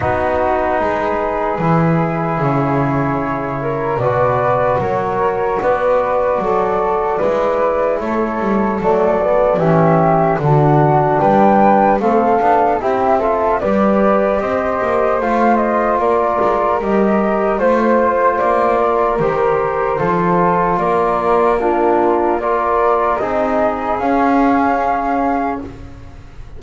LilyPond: <<
  \new Staff \with { instrumentName = "flute" } { \time 4/4 \tempo 4 = 75 b'2. cis''4~ | cis''4 d''4 cis''4 d''4~ | d''2 cis''4 d''4 | e''4 fis''4 g''4 f''4 |
e''4 d''4 dis''4 f''8 dis''8 | d''4 dis''4 c''4 d''4 | c''2 d''4 ais'4 | d''4 dis''4 f''2 | }
  \new Staff \with { instrumentName = "flute" } { \time 4/4 fis'4 gis'2.~ | gis'8 ais'8 b'4 ais'4 b'4 | a'4 b'4 a'2 | g'4 fis'4 b'4 a'4 |
g'8 a'8 b'4 c''2 | ais'2 c''4. ais'8~ | ais'4 a'4 ais'4 f'4 | ais'4 gis'2. | }
  \new Staff \with { instrumentName = "trombone" } { \time 4/4 dis'2 e'2~ | e'4 fis'2.~ | fis'4 e'2 a8 b8 | cis'4 d'2 c'8 d'8 |
e'8 f'8 g'2 f'4~ | f'4 g'4 f'2 | g'4 f'2 d'4 | f'4 dis'4 cis'2 | }
  \new Staff \with { instrumentName = "double bass" } { \time 4/4 b4 gis4 e4 cis4~ | cis4 b,4 fis4 b4 | fis4 gis4 a8 g8 fis4 | e4 d4 g4 a8 b8 |
c'4 g4 c'8 ais8 a4 | ais8 gis8 g4 a4 ais4 | dis4 f4 ais2~ | ais4 c'4 cis'2 | }
>>